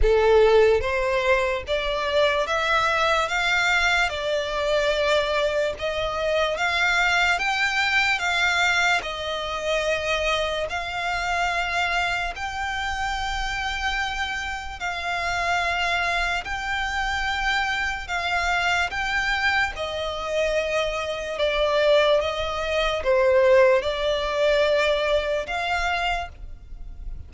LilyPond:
\new Staff \with { instrumentName = "violin" } { \time 4/4 \tempo 4 = 73 a'4 c''4 d''4 e''4 | f''4 d''2 dis''4 | f''4 g''4 f''4 dis''4~ | dis''4 f''2 g''4~ |
g''2 f''2 | g''2 f''4 g''4 | dis''2 d''4 dis''4 | c''4 d''2 f''4 | }